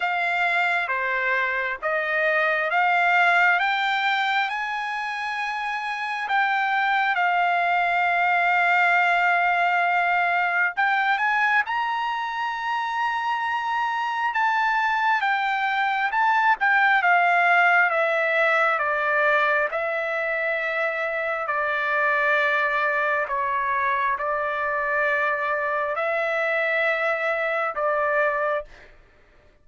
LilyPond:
\new Staff \with { instrumentName = "trumpet" } { \time 4/4 \tempo 4 = 67 f''4 c''4 dis''4 f''4 | g''4 gis''2 g''4 | f''1 | g''8 gis''8 ais''2. |
a''4 g''4 a''8 g''8 f''4 | e''4 d''4 e''2 | d''2 cis''4 d''4~ | d''4 e''2 d''4 | }